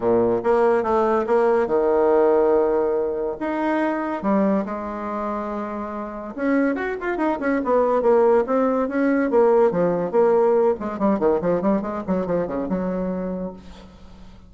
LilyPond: \new Staff \with { instrumentName = "bassoon" } { \time 4/4 \tempo 4 = 142 ais,4 ais4 a4 ais4 | dis1 | dis'2 g4 gis4~ | gis2. cis'4 |
fis'8 f'8 dis'8 cis'8 b4 ais4 | c'4 cis'4 ais4 f4 | ais4. gis8 g8 dis8 f8 g8 | gis8 fis8 f8 cis8 fis2 | }